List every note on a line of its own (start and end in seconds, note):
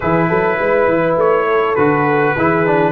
0.00 0.30 E3
0.00 1.77 E4
0.00 0.28 G#4
0.00 1.17 B4
0.28 0.58 F#3
0.28 0.58 A4
0.58 0.87 G#3
0.58 1.46 B4
0.87 1.16 E3
1.16 1.75 A3
1.16 1.75 C#5
1.46 2.34 A4
1.75 2.36 D3
1.75 2.35 F#4
1.75 2.91 B4
2.36 2.91 E3
2.36 2.66 E4
2.36 2.91 G#4
2.66 2.91 D4